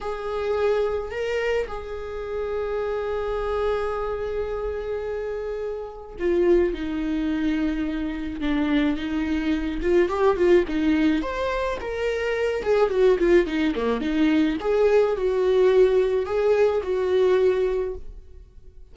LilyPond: \new Staff \with { instrumentName = "viola" } { \time 4/4 \tempo 4 = 107 gis'2 ais'4 gis'4~ | gis'1~ | gis'2. f'4 | dis'2. d'4 |
dis'4. f'8 g'8 f'8 dis'4 | c''4 ais'4. gis'8 fis'8 f'8 | dis'8 ais8 dis'4 gis'4 fis'4~ | fis'4 gis'4 fis'2 | }